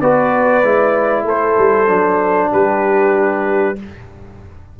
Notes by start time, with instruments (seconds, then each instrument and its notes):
0.00 tuba B3, trombone F#4, horn B4, trumpet D5
0.63 tuba G#3, trombone E4
1.24 tuba A3, horn A4, trumpet C5
1.58 tuba G3
1.87 tuba F#3, trombone D4
2.52 tuba G3, horn G4, trumpet B4